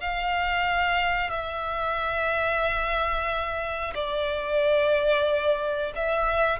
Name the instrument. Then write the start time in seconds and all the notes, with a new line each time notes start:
violin
0.00 F5
1.30 E5
3.94 D5
5.95 E5